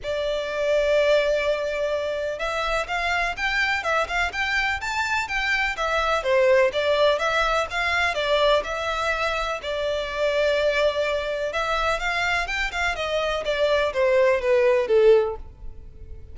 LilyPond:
\new Staff \with { instrumentName = "violin" } { \time 4/4 \tempo 4 = 125 d''1~ | d''4 e''4 f''4 g''4 | e''8 f''8 g''4 a''4 g''4 | e''4 c''4 d''4 e''4 |
f''4 d''4 e''2 | d''1 | e''4 f''4 g''8 f''8 dis''4 | d''4 c''4 b'4 a'4 | }